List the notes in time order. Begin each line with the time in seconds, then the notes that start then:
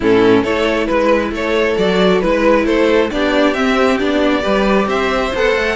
0.00 A2 C#4 E4 A4
0.42 A3 E4 A4 C#5
0.86 G#3 B4
1.31 A3 A4 C#5
1.76 F#3 F#4 D5
2.20 G#3 E4 B4
2.65 A3 A4 C5
3.11 B3 D4 G4 D5
3.53 C4 E5
3.99 B3 D4 D5
4.41 G3 G4 B4
4.87 C4 C5 E5
5.34 B3 A4 F#5
5.55 A3